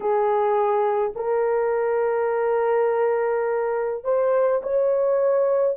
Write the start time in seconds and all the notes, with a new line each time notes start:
0.00 G#4
1.15 A#4
4.04 C5
4.62 C#5